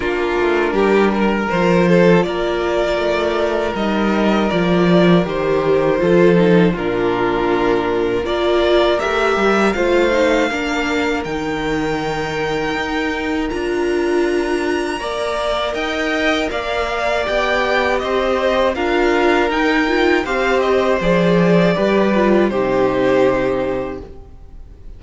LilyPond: <<
  \new Staff \with { instrumentName = "violin" } { \time 4/4 \tempo 4 = 80 ais'2 c''4 d''4~ | d''4 dis''4 d''4 c''4~ | c''4 ais'2 d''4 | e''4 f''2 g''4~ |
g''2 ais''2~ | ais''4 g''4 f''4 g''4 | dis''4 f''4 g''4 f''8 dis''8 | d''2 c''2 | }
  \new Staff \with { instrumentName = "violin" } { \time 4/4 f'4 g'8 ais'4 a'8 ais'4~ | ais'1 | a'4 f'2 ais'4~ | ais'4 c''4 ais'2~ |
ais'1 | d''4 dis''4 d''2 | c''4 ais'2 c''4~ | c''4 b'4 g'2 | }
  \new Staff \with { instrumentName = "viola" } { \time 4/4 d'2 f'2~ | f'4 dis'4 f'4 g'4 | f'8 dis'8 d'2 f'4 | g'4 f'8 dis'8 d'4 dis'4~ |
dis'2 f'2 | ais'2. g'4~ | g'4 f'4 dis'8 f'8 g'4 | gis'4 g'8 f'8 dis'2 | }
  \new Staff \with { instrumentName = "cello" } { \time 4/4 ais8 a8 g4 f4 ais4 | a4 g4 f4 dis4 | f4 ais,2 ais4 | a8 g8 a4 ais4 dis4~ |
dis4 dis'4 d'2 | ais4 dis'4 ais4 b4 | c'4 d'4 dis'4 c'4 | f4 g4 c2 | }
>>